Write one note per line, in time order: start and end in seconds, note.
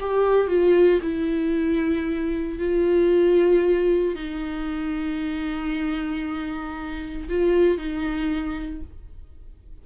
0.00 0.48 G4
0.48 1.00 F4
1.02 2.59 E4
2.59 4.15 F4
4.15 7.29 D#4
7.29 7.78 F4
7.78 8.82 D#4